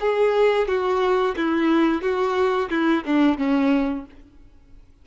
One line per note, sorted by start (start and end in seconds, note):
0.00 0.67 G#4
0.67 1.35 F#4
1.36 2.02 E4
2.02 2.69 F#4
2.70 3.03 E4
3.05 3.38 D4
3.38 4.05 C#4